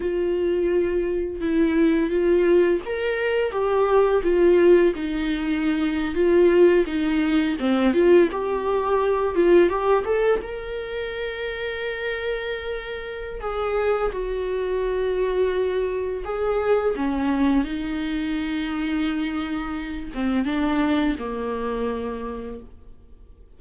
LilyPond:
\new Staff \with { instrumentName = "viola" } { \time 4/4 \tempo 4 = 85 f'2 e'4 f'4 | ais'4 g'4 f'4 dis'4~ | dis'8. f'4 dis'4 c'8 f'8 g'16~ | g'4~ g'16 f'8 g'8 a'8 ais'4~ ais'16~ |
ais'2. gis'4 | fis'2. gis'4 | cis'4 dis'2.~ | dis'8 c'8 d'4 ais2 | }